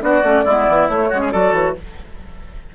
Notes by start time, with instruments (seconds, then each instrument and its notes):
0.00 bassoon B3, clarinet D4, oboe F#4, flute D5
0.22 bassoon A3, clarinet C#4
0.45 bassoon G#3, clarinet B3, oboe E4
0.68 bassoon E3
0.89 bassoon A3, clarinet A3, flute C#5
1.09 bassoon G#3, clarinet C#4, oboe F#4
1.22 oboe G#4
1.32 bassoon F#3, clarinet F#4, oboe A4, flute D5
1.52 bassoon E3, flute C#5